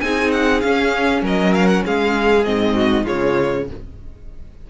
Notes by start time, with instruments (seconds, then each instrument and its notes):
0.00 cello C4, viola D#4, violin G#4 G#5
0.31 violin F#5
0.60 viola C#4, cello C#4, violin F5
1.22 cello F#3, violin A#4 D#5
1.54 violin F5
1.67 violin F#5
1.85 cello G#3, violin G#4 F5
2.44 cello G#2, viola C4, violin D#5
2.75 violin F#4
3.04 cello C#3, viola G#3, violin F4 C#5